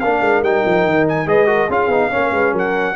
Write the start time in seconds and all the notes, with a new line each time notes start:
0.00 A#3 D4 A#4 F5
0.21 G#3
0.42 G3 D#4 G5
0.65 F3
0.85 D#3
1.08 G#5
1.26 G#3 G#4 B4 D#5
1.47 F#4 A#4
1.68 C#4 F4 G#4 F5
1.88 B3 D#4
2.10 A#3 C#4 C#5
2.32 G#3 B4
2.52 F#3 A#4 F#5